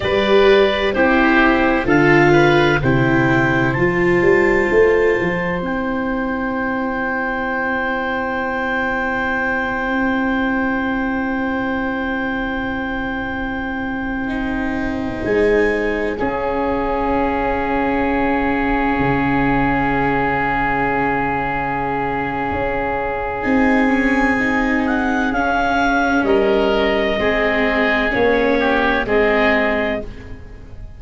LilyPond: <<
  \new Staff \with { instrumentName = "clarinet" } { \time 4/4 \tempo 4 = 64 d''4 c''4 f''4 g''4 | a''2 g''2~ | g''1~ | g''1~ |
g''16 gis''4 f''2~ f''8.~ | f''1~ | f''4 gis''4. fis''8 f''4 | dis''2 cis''4 dis''4 | }
  \new Staff \with { instrumentName = "oboe" } { \time 4/4 b'4 g'4 a'8 b'8 c''4~ | c''1~ | c''1~ | c''1~ |
c''4~ c''16 gis'2~ gis'8.~ | gis'1~ | gis'1 | ais'4 gis'4. g'8 gis'4 | }
  \new Staff \with { instrumentName = "viola" } { \time 4/4 g'4 e'4 f'4 e'4 | f'2 e'2~ | e'1~ | e'2.~ e'16 dis'8.~ |
dis'4~ dis'16 cis'2~ cis'8.~ | cis'1~ | cis'4 dis'8 cis'8 dis'4 cis'4~ | cis'4 c'4 cis'4 c'4 | }
  \new Staff \with { instrumentName = "tuba" } { \time 4/4 g4 c'4 d4 c4 | f8 g8 a8 f8 c'2~ | c'1~ | c'1~ |
c'16 gis4 cis'2~ cis'8.~ | cis'16 cis2.~ cis8. | cis'4 c'2 cis'4 | g4 gis4 ais4 gis4 | }
>>